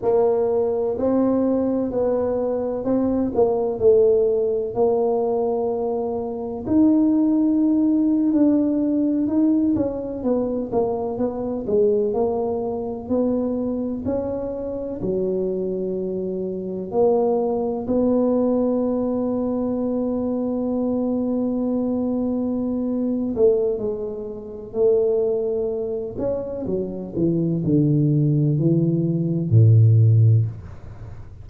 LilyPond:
\new Staff \with { instrumentName = "tuba" } { \time 4/4 \tempo 4 = 63 ais4 c'4 b4 c'8 ais8 | a4 ais2 dis'4~ | dis'8. d'4 dis'8 cis'8 b8 ais8 b16~ | b16 gis8 ais4 b4 cis'4 fis16~ |
fis4.~ fis16 ais4 b4~ b16~ | b1~ | b8 a8 gis4 a4. cis'8 | fis8 e8 d4 e4 a,4 | }